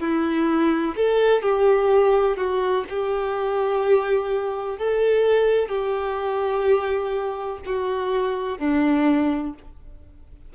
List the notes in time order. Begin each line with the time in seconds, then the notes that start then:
0.00 E4
0.96 A4
1.42 G4
2.37 F#4
2.90 G4
4.78 A4
5.69 G4
7.66 F#4
8.58 D4